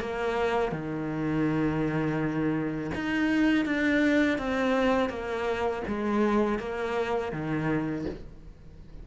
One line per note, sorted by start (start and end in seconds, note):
0.00 0.71 A#3
0.71 2.91 D#3
2.94 3.65 D#4
3.65 4.38 D4
4.38 5.09 C4
5.09 5.82 A#3
5.87 6.59 G#3
6.59 7.32 A#3
7.32 8.05 D#3